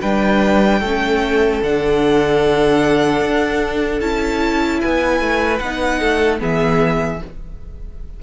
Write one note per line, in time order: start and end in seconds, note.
0.00 0.81 G3
0.00 0.82 D4
0.00 0.80 B4
0.00 1.61 G5
0.80 1.61 A3
0.80 1.63 C#4
0.80 4.79 A4
1.62 3.21 D3
1.62 4.00 D4
1.62 4.00 F#5
3.21 4.01 D4
4.00 4.81 C#4
4.00 5.60 E4
4.00 4.80 A5
4.81 5.20 B3
4.81 5.99 B4
4.81 5.58 G#5
5.20 5.60 A3
5.58 6.00 B3
5.58 6.38 D#4
5.58 6.38 F#5
5.99 6.41 A3
5.99 6.39 A4
6.38 7.21 E3
6.38 7.18 B3
6.38 7.20 G#4
6.38 7.22 E5